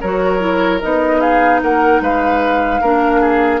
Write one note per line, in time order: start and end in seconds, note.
0.00 0.82 F#3
0.00 0.39 F#4
0.00 1.20 A#4
0.00 0.80 C#5
0.39 0.79 E4
0.81 1.62 B3
0.81 2.82 D#4
0.81 1.20 D#5
1.20 1.60 G#4
1.20 1.60 F5
1.62 2.00 A#3
1.62 2.02 A#4
1.62 2.02 F#5
2.00 2.80 G#3
2.00 2.81 B4
2.00 3.60 F5
2.81 3.60 A#3
2.81 3.60 D4
2.81 3.20 A#4
3.20 3.60 G#4